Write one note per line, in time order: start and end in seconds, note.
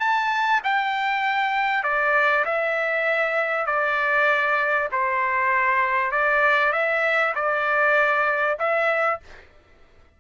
0.00 0.61 A5
0.64 1.84 G5
1.84 2.45 D5
2.45 3.67 E5
3.67 4.89 D5
4.92 6.12 C5
6.12 6.73 D5
6.73 7.34 E5
7.36 8.58 D5
8.59 9.20 E5